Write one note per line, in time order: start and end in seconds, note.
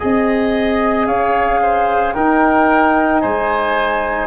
0.00 1.07 C4
0.00 2.14 G#4
0.00 1.07 D#5
0.00 1.06 D#5
1.06 2.14 C#4
1.06 1.60 C#5
1.06 2.13 F5
1.62 2.14 C5
2.13 3.23 D#4
2.13 4.27 D#4
2.13 3.21 A#4
2.13 3.21 G5
3.21 4.27 G#3
3.21 4.27 C5
3.21 4.27 G#5